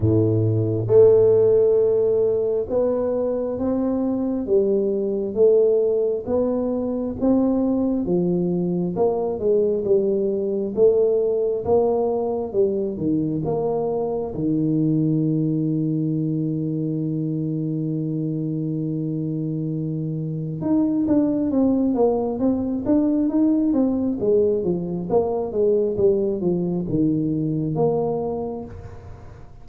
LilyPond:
\new Staff \with { instrumentName = "tuba" } { \time 4/4 \tempo 4 = 67 a,4 a2 b4 | c'4 g4 a4 b4 | c'4 f4 ais8 gis8 g4 | a4 ais4 g8 dis8 ais4 |
dis1~ | dis2. dis'8 d'8 | c'8 ais8 c'8 d'8 dis'8 c'8 gis8 f8 | ais8 gis8 g8 f8 dis4 ais4 | }